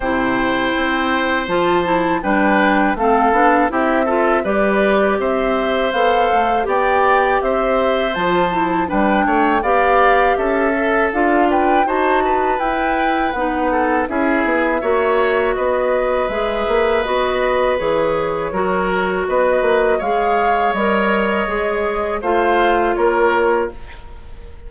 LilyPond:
<<
  \new Staff \with { instrumentName = "flute" } { \time 4/4 \tempo 4 = 81 g''2 a''4 g''4 | f''4 e''4 d''4 e''4 | f''4 g''4 e''4 a''4 | g''4 f''4 e''4 f''8 g''8 |
a''4 g''4 fis''4 e''4~ | e''4 dis''4 e''4 dis''4 | cis''2 dis''4 f''4 | dis''2 f''4 cis''4 | }
  \new Staff \with { instrumentName = "oboe" } { \time 4/4 c''2. b'4 | a'4 g'8 a'8 b'4 c''4~ | c''4 d''4 c''2 | b'8 cis''8 d''4 a'4. b'8 |
c''8 b'2 a'8 gis'4 | cis''4 b'2.~ | b'4 ais'4 b'4 cis''4~ | cis''2 c''4 ais'4 | }
  \new Staff \with { instrumentName = "clarinet" } { \time 4/4 e'2 f'8 e'8 d'4 | c'8 d'8 e'8 f'8 g'2 | a'4 g'2 f'8 e'8 | d'4 g'4. a'8 f'4 |
fis'4 e'4 dis'4 e'4 | fis'2 gis'4 fis'4 | gis'4 fis'2 gis'4 | ais'4 gis'4 f'2 | }
  \new Staff \with { instrumentName = "bassoon" } { \time 4/4 c4 c'4 f4 g4 | a8 b8 c'4 g4 c'4 | b8 a8 b4 c'4 f4 | g8 a8 b4 cis'4 d'4 |
dis'4 e'4 b4 cis'8 b8 | ais4 b4 gis8 ais8 b4 | e4 fis4 b8 ais8 gis4 | g4 gis4 a4 ais4 | }
>>